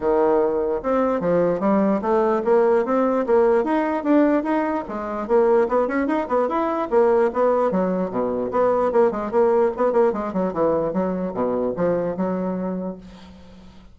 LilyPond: \new Staff \with { instrumentName = "bassoon" } { \time 4/4 \tempo 4 = 148 dis2 c'4 f4 | g4 a4 ais4 c'4 | ais4 dis'4 d'4 dis'4 | gis4 ais4 b8 cis'8 dis'8 b8 |
e'4 ais4 b4 fis4 | b,4 b4 ais8 gis8 ais4 | b8 ais8 gis8 fis8 e4 fis4 | b,4 f4 fis2 | }